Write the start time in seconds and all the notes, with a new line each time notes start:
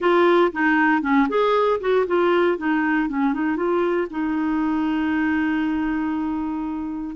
0.00 F4
0.52 D#4
1.02 C#4
1.28 G#4
1.80 F#4
2.07 F4
2.57 D#4
3.08 C#4
3.33 D#4
3.56 F4
4.10 D#4